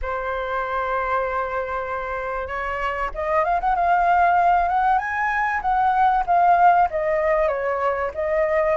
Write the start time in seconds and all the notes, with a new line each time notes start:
0.02 C5
2.47 C#5
3.14 D#5
3.44 F5
3.60 F#5
3.75 F5
4.68 F#5
4.98 G#5
5.61 F#5
6.26 F5
6.90 D#5
7.48 C#5
8.14 D#5